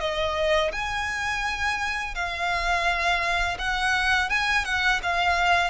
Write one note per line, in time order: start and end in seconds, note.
0.00 0.71 D#5
0.72 2.15 G#5
2.15 3.57 F5
3.58 4.29 F#5
4.29 4.65 G#5
4.65 5.00 F#5
5.03 5.70 F5